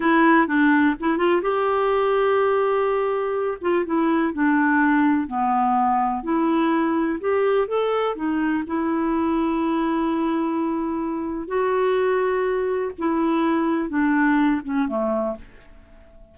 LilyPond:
\new Staff \with { instrumentName = "clarinet" } { \time 4/4 \tempo 4 = 125 e'4 d'4 e'8 f'8 g'4~ | g'2.~ g'8 f'8 | e'4 d'2 b4~ | b4 e'2 g'4 |
a'4 dis'4 e'2~ | e'1 | fis'2. e'4~ | e'4 d'4. cis'8 a4 | }